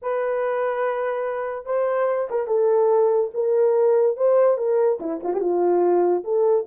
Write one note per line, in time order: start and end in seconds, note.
0.02 1.65 B4
1.65 2.28 C5
2.30 2.47 A#4
2.47 3.30 A4
3.34 4.17 A#4
4.17 4.57 C5
4.57 4.99 A#4
5.00 5.20 E4
5.23 5.33 F4
5.33 5.40 G4
5.40 6.23 F4
6.24 6.65 A4